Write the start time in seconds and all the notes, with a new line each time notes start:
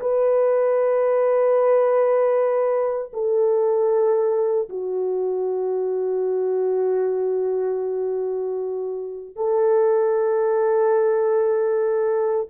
0.00 B4
3.13 A4
4.69 F#4
9.36 A4